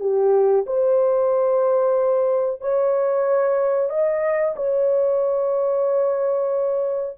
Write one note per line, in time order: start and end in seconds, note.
0.00 0.65 G4
0.66 2.61 C5
2.61 3.90 C#5
3.90 4.55 D#5
4.56 7.17 C#5